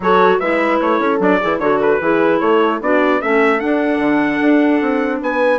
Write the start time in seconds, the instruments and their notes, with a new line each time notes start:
0.00 bassoon F#3, clarinet F#4, horn A4, trumpet C#5
0.39 bassoon G#3, clarinet E4, horn B4, trumpet E5
0.81 bassoon A3, trumpet C#5
0.99 bassoon C#4, horn A4
1.18 bassoon F#3, clarinet D4, trumpet D5
1.40 bassoon E3, clarinet E4, horn G#4
1.58 bassoon D3, clarinet F#4, horn A4, trumpet C#5
1.81 trumpet B4
2.00 bassoon E3, clarinet E4, horn G#4
2.39 bassoon A3, horn A4, trumpet C#5
2.80 bassoon B3, clarinet D4, horn F#4, trumpet D5
3.21 bassoon A3, clarinet C#4, horn A4, trumpet E5
3.59 clarinet D4, bassoon D4, trumpet F#5
3.98 bassoon D3
4.41 bassoon D4
4.81 bassoon C4
5.21 bassoon B3, horn B4, trumpet G#5